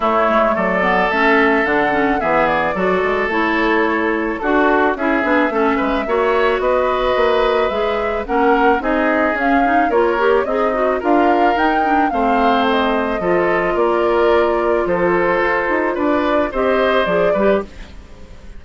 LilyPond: <<
  \new Staff \with { instrumentName = "flute" } { \time 4/4 \tempo 4 = 109 cis''4 d''4 e''4 fis''4 | e''8 d''4. cis''2 | a'4 e''2. | dis''2 e''4 fis''4 |
dis''4 f''4 cis''4 dis''4 | f''4 g''4 f''4 dis''4~ | dis''4 d''2 c''4~ | c''4 d''4 dis''4 d''4 | }
  \new Staff \with { instrumentName = "oboe" } { \time 4/4 e'4 a'2. | gis'4 a'2. | fis'4 gis'4 a'8 b'8 cis''4 | b'2. ais'4 |
gis'2 ais'4 dis'4 | ais'2 c''2 | a'4 ais'2 a'4~ | a'4 b'4 c''4. b'8 | }
  \new Staff \with { instrumentName = "clarinet" } { \time 4/4 a4. b8 cis'4 d'8 cis'8 | b4 fis'4 e'2 | fis'4 e'8 d'8 cis'4 fis'4~ | fis'2 gis'4 cis'4 |
dis'4 cis'8 dis'8 f'8 g'8 gis'8 fis'8 | f'4 dis'8 d'8 c'2 | f'1~ | f'2 g'4 gis'8 g'8 | }
  \new Staff \with { instrumentName = "bassoon" } { \time 4/4 a8 gis8 fis4 a4 d4 | e4 fis8 gis8 a2 | d'4 cis'8 b8 a8 gis8 ais4 | b4 ais4 gis4 ais4 |
c'4 cis'4 ais4 c'4 | d'4 dis'4 a2 | f4 ais2 f4 | f'8 dis'8 d'4 c'4 f8 g8 | }
>>